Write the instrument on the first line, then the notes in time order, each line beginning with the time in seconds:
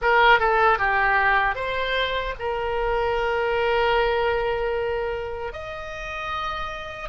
oboe
0.01 A#4
0.39 A4
0.78 G4
1.55 C5
2.39 A#4
5.53 D#5